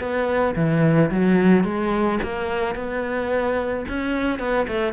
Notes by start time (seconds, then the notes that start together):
0.00 B3
0.56 E3
1.11 F#3
1.64 G#3
2.23 A#3
2.75 B3
3.89 C#4
4.40 B3
4.68 A3